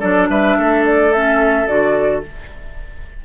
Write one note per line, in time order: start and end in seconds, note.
0.00 0.29 F#3
0.00 1.12 D4
0.00 0.28 A4
0.00 0.28 D5
0.29 0.57 G3
0.29 0.57 B4
0.29 0.84 E5
0.58 1.68 A3
0.58 2.24 A4
0.85 1.12 D5
1.12 1.66 C#4
1.12 1.67 E5
1.66 2.23 D3
1.66 2.22 F#4
1.66 2.22 D5